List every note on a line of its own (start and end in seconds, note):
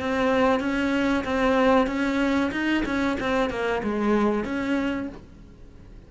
0.00 0.60 C4
0.60 1.24 C#4
1.24 1.87 C4
1.87 2.51 C#4
2.52 2.84 D#4
2.85 3.17 C#4
3.20 3.50 C4
3.50 3.82 A#3
3.83 4.44 G#3
4.44 5.08 C#4